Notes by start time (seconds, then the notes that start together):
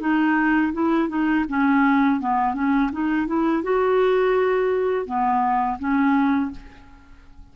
0.00 D#4
0.73 E4
1.08 D#4
1.49 C#4
2.20 B3
2.54 C#4
2.92 D#4
3.27 E4
3.63 F#4
5.06 B3
5.79 C#4